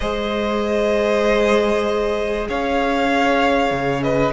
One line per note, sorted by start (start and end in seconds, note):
0.00 2.48 G#3
0.00 4.32 G#4
0.00 2.48 C5
0.00 2.47 D#5
2.49 3.70 C#4
2.49 4.03 C#5
2.49 4.02 F5
3.70 4.32 C#3
4.02 4.32 B4
4.02 4.32 D#5